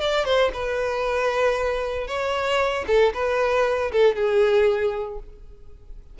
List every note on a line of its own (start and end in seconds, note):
0.00 0.25 D5
0.25 0.51 C5
0.53 2.08 B4
2.08 2.85 C#5
2.87 3.13 A4
3.14 3.91 B4
3.92 4.15 A4
4.15 5.19 G#4